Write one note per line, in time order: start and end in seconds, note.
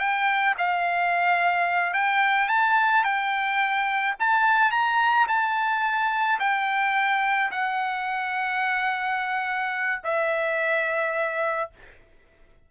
0.00 0.56 G5
0.58 1.94 F5
1.94 2.49 G5
2.49 3.04 A5
3.04 4.15 G5
4.20 4.72 A5
4.72 5.27 A#5
5.29 6.40 A5
6.40 7.51 G5
7.52 10.02 F#5
10.04 11.71 E5